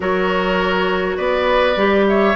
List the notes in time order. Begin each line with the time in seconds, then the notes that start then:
0.00 F#3 F#4 A#4 C#5
1.16 B3 B4 D5
1.76 G3 G4
2.08 C#5 E5